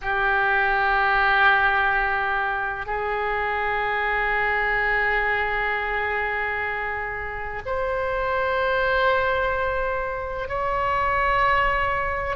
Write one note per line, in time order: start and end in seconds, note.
0.01 2.86 G4
2.86 7.62 G#4
7.65 10.48 C5
10.48 12.35 C#5